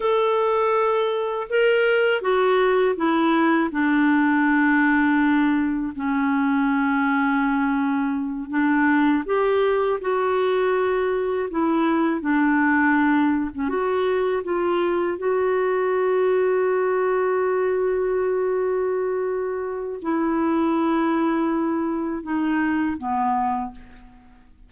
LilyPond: \new Staff \with { instrumentName = "clarinet" } { \time 4/4 \tempo 4 = 81 a'2 ais'4 fis'4 | e'4 d'2. | cis'2.~ cis'8 d'8~ | d'8 g'4 fis'2 e'8~ |
e'8 d'4.~ d'16 cis'16 fis'4 f'8~ | f'8 fis'2.~ fis'8~ | fis'2. e'4~ | e'2 dis'4 b4 | }